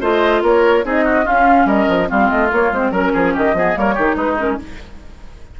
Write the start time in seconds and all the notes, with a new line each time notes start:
0.00 A3 F4 C5 D#5
0.42 A#3 A#4 C#5
0.84 C4 D#4 G#4 D#5
1.04 F#4
1.23 C#4 F4 F5
1.65 G3 A#4 D#5
1.88 F3
2.06 G3 C4 F4 F5
2.29 A3 D#5
2.52 A#3 C#5
2.71 G#3 C4 C5
2.90 F#3 C#4 A#4
3.13 F3 G#4
3.34 D#3 G4 D#5
3.53 F3 B3 G#4
3.74 G3 A#3 A#4 C#5
3.94 D#3 D#4 G4
4.15 G#3 D#4 B4
4.37 C#4 A#4